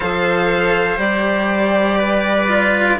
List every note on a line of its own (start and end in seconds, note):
0.00 0.97 F3
0.00 0.96 A4
0.00 1.97 C5
0.00 0.99 F5
0.96 2.97 G3
0.96 2.46 G4
0.96 2.99 D5
1.97 2.98 B4
2.48 2.98 F4